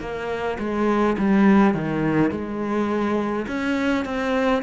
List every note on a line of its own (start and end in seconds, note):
0.00 0.58 A#3
0.59 1.16 G#3
1.18 1.74 G3
1.74 2.31 D#3
2.31 3.46 G#3
3.47 4.05 C#4
4.05 4.63 C4